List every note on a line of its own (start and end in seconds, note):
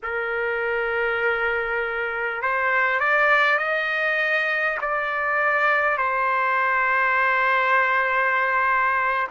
0.02 2.42 A#4
2.42 2.99 C5
2.99 3.57 D5
3.57 4.77 D#5
4.81 5.97 D5
5.97 9.27 C5